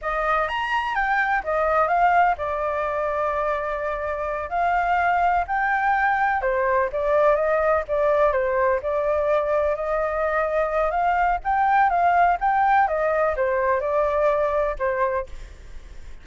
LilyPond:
\new Staff \with { instrumentName = "flute" } { \time 4/4 \tempo 4 = 126 dis''4 ais''4 g''4 dis''4 | f''4 d''2.~ | d''4. f''2 g''8~ | g''4. c''4 d''4 dis''8~ |
dis''8 d''4 c''4 d''4.~ | d''8 dis''2~ dis''8 f''4 | g''4 f''4 g''4 dis''4 | c''4 d''2 c''4 | }